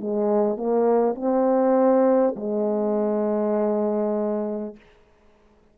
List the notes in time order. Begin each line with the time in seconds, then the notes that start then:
0.00 G#3
0.57 A#3
1.15 C4
2.36 G#3